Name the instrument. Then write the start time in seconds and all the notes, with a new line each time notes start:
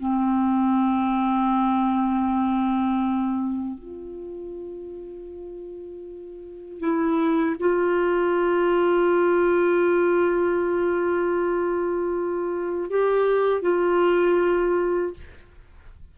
clarinet
0.00 C4
3.79 F4
6.80 E4
7.60 F4
12.90 G4
13.62 F4